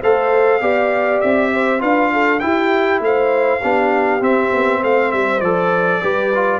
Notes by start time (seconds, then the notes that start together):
0.00 A3 A4 C5 F5
0.60 B3 G4 D5
1.20 C4 E5
1.53 C5
1.79 D4 F4 B4 F5
2.12 A4
2.40 E4 G4 G5
3.00 A3 C5 F5
3.60 B3 D4 G4
4.20 C4 E5
4.53 B3
4.82 A3 C5 F5
5.12 G3 E5
5.40 F3 A4 D5
6.02 G3 G4 B4
6.35 F4